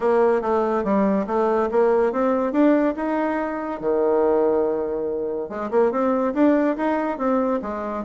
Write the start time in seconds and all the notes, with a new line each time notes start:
0.00 A#3
0.41 A3
0.83 G3
1.26 A3
1.71 A#3
2.12 C4
2.52 D4
2.96 D#4
3.80 D#3
5.49 G#3
5.70 A#3
5.91 C4
6.34 D4
6.76 D#4
7.18 C4
7.62 G#3